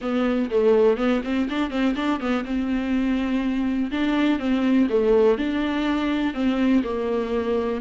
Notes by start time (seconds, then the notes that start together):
0.01 B3
0.50 A3
0.97 B3
1.24 C4
1.49 D4
1.70 C4
1.95 D4
2.20 B3
2.44 C4
3.91 D4
4.39 C4
4.89 A3
5.37 D4
6.33 C4
6.83 A#3